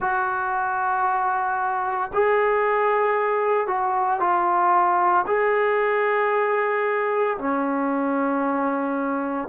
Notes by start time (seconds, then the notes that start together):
0.00 F#4
2.13 G#4
3.67 F#4
4.20 F4
5.26 G#4
7.37 C#4